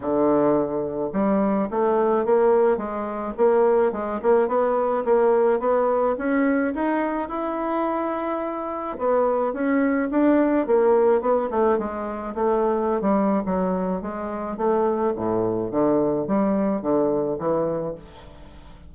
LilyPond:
\new Staff \with { instrumentName = "bassoon" } { \time 4/4 \tempo 4 = 107 d2 g4 a4 | ais4 gis4 ais4 gis8 ais8 | b4 ais4 b4 cis'4 | dis'4 e'2. |
b4 cis'4 d'4 ais4 | b8 a8 gis4 a4~ a16 g8. | fis4 gis4 a4 a,4 | d4 g4 d4 e4 | }